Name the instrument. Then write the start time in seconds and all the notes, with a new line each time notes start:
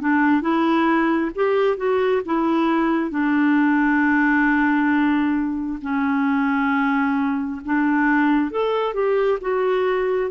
clarinet
0.00 D4
0.41 E4
1.34 G4
1.77 F#4
2.25 E4
3.11 D4
5.82 C#4
7.64 D4
8.51 A4
8.93 G4
9.41 F#4